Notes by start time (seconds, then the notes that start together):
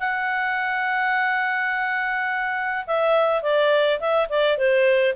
0.00 F#5
2.87 E5
3.43 D5
4.00 E5
4.30 D5
4.58 C5